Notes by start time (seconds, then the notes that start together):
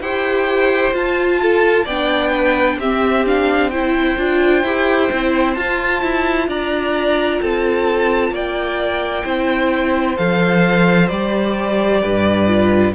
0.00 E4 G4 C5 G5
0.93 F4 A5
1.42 A4
1.85 B3 D4 D5 G5
2.30 B4
2.76 C4 G4 E5
3.26 D4 F5
3.70 E4 C5 G5
4.18 D4 F4
4.63 E4 G4
5.11 C4 E4
5.53 F4 A5
6.02 E4
6.47 D4 D5 A#5
7.41 C4 A4 A5
8.31 A#3 D5 G5
9.24 C4 E4 C5
10.17 F3 A4 F5
11.08 G3 G4 D5
12.01 G2 B4
12.47 F4